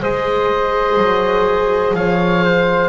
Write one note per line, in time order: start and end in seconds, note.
0.00 0.97 G#3
0.00 2.89 G#4
0.00 1.95 C5
0.00 1.95 D#5
0.97 1.94 F#3
1.94 2.89 F3
1.94 2.44 C#5
1.94 2.89 F5
2.44 2.89 C5